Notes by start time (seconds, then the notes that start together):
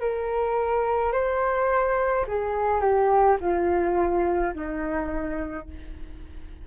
0.00 A#4
1.12 C5
2.27 G#4
2.80 G4
3.40 F4
4.54 D#4